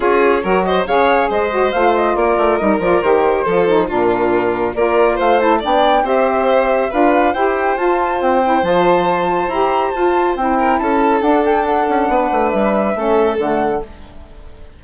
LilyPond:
<<
  \new Staff \with { instrumentName = "flute" } { \time 4/4 \tempo 4 = 139 cis''4. dis''8 f''4 dis''4 | f''8 dis''8 d''4 dis''8 d''8 c''4~ | c''4 ais'2 d''4 | f''8 a''8 g''4 e''2 |
f''4 g''4 a''4 g''4 | a''2 ais''4 a''4 | g''4 a''4 fis''8 g''8 fis''4~ | fis''4 e''2 fis''4 | }
  \new Staff \with { instrumentName = "violin" } { \time 4/4 gis'4 ais'8 c''8 cis''4 c''4~ | c''4 ais'2. | a'4 f'2 ais'4 | c''4 d''4 c''2 |
b'4 c''2.~ | c''1~ | c''8 ais'8 a'2. | b'2 a'2 | }
  \new Staff \with { instrumentName = "saxophone" } { \time 4/4 f'4 fis'4 gis'4. fis'8 | f'2 dis'8 f'8 g'4 | f'8 dis'8 d'2 f'4~ | f'8 e'8 d'4 g'2 |
f'4 g'4 f'4. e'8 | f'2 g'4 f'4 | e'2 d'2~ | d'2 cis'4 a4 | }
  \new Staff \with { instrumentName = "bassoon" } { \time 4/4 cis'4 fis4 cis4 gis4 | a4 ais8 a8 g8 f8 dis4 | f4 ais,2 ais4 | a4 b4 c'2 |
d'4 e'4 f'4 c'4 | f2 e'4 f'4 | c'4 cis'4 d'4. cis'8 | b8 a8 g4 a4 d4 | }
>>